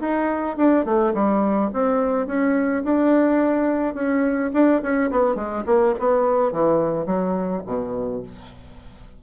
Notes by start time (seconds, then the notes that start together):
0.00 D#4
0.57 D4
0.85 A3
1.14 G3
1.73 C4
2.27 C#4
2.84 D4
3.94 C#4
4.53 D4
4.82 C#4
5.10 B3
5.35 G#3
5.66 A#3
5.99 B3
6.52 E3
7.06 F#3
7.66 B2